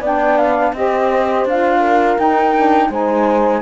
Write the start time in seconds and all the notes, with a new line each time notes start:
0.00 B3 D4 D5 G5
0.38 F5
0.73 C4 G4 C5 D#5
1.45 D4 F4 F5
1.80 A#4
2.18 D#4 G5
2.56 D4
2.89 G#3 D#4 C5 G#5